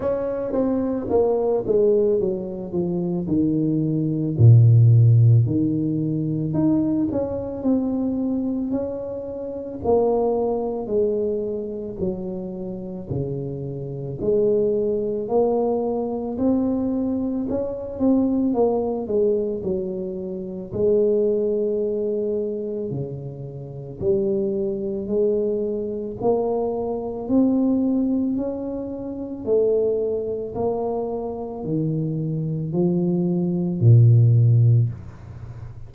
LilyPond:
\new Staff \with { instrumentName = "tuba" } { \time 4/4 \tempo 4 = 55 cis'8 c'8 ais8 gis8 fis8 f8 dis4 | ais,4 dis4 dis'8 cis'8 c'4 | cis'4 ais4 gis4 fis4 | cis4 gis4 ais4 c'4 |
cis'8 c'8 ais8 gis8 fis4 gis4~ | gis4 cis4 g4 gis4 | ais4 c'4 cis'4 a4 | ais4 dis4 f4 ais,4 | }